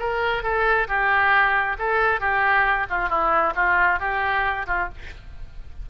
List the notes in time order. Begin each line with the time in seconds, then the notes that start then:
0.00 A#4
0.43 A4
0.88 G4
1.79 A4
2.20 G4
2.90 F4
3.09 E4
3.56 F4
4.00 G4
4.67 F4